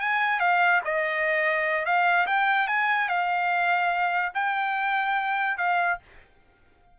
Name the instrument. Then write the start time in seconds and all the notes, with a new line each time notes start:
trumpet
0.00 G#5
0.40 F5
0.84 D#5
1.85 F5
2.26 G5
2.67 G#5
3.09 F5
4.34 G5
5.57 F5